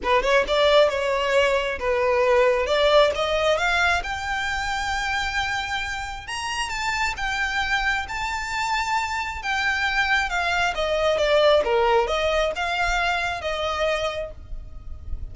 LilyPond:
\new Staff \with { instrumentName = "violin" } { \time 4/4 \tempo 4 = 134 b'8 cis''8 d''4 cis''2 | b'2 d''4 dis''4 | f''4 g''2.~ | g''2 ais''4 a''4 |
g''2 a''2~ | a''4 g''2 f''4 | dis''4 d''4 ais'4 dis''4 | f''2 dis''2 | }